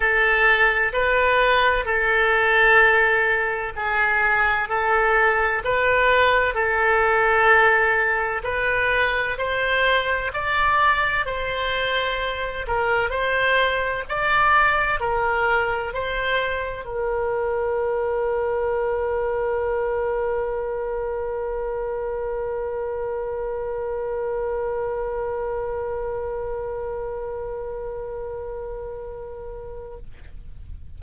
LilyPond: \new Staff \with { instrumentName = "oboe" } { \time 4/4 \tempo 4 = 64 a'4 b'4 a'2 | gis'4 a'4 b'4 a'4~ | a'4 b'4 c''4 d''4 | c''4. ais'8 c''4 d''4 |
ais'4 c''4 ais'2~ | ais'1~ | ais'1~ | ais'1 | }